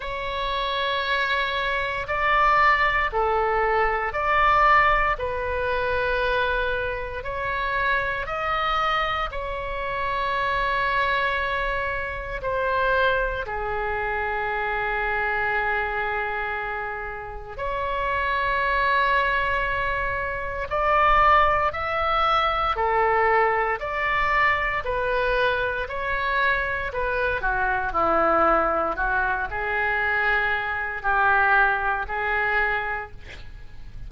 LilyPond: \new Staff \with { instrumentName = "oboe" } { \time 4/4 \tempo 4 = 58 cis''2 d''4 a'4 | d''4 b'2 cis''4 | dis''4 cis''2. | c''4 gis'2.~ |
gis'4 cis''2. | d''4 e''4 a'4 d''4 | b'4 cis''4 b'8 fis'8 e'4 | fis'8 gis'4. g'4 gis'4 | }